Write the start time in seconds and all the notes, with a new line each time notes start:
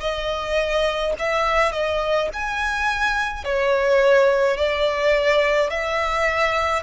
0.00 D#5
1.19 E5
1.72 D#5
2.33 G#5
3.44 C#5
4.57 D5
5.70 E5